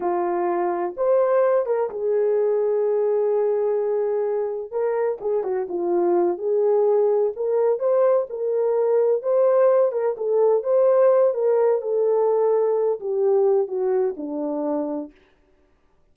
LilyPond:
\new Staff \with { instrumentName = "horn" } { \time 4/4 \tempo 4 = 127 f'2 c''4. ais'8 | gis'1~ | gis'2 ais'4 gis'8 fis'8 | f'4. gis'2 ais'8~ |
ais'8 c''4 ais'2 c''8~ | c''4 ais'8 a'4 c''4. | ais'4 a'2~ a'8 g'8~ | g'4 fis'4 d'2 | }